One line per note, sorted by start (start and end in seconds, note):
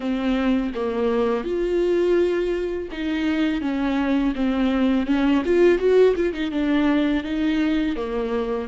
0.00 0.72 C4
0.74 1.44 A#3
1.44 2.88 F4
2.91 3.61 D#4
3.61 4.33 C#4
4.35 5.06 C4
5.06 5.42 C#4
5.45 5.78 F4
5.78 6.14 F#4
6.16 6.33 F4
6.33 6.51 D#4
6.51 7.23 D4
7.23 7.96 D#4
7.96 8.68 A#3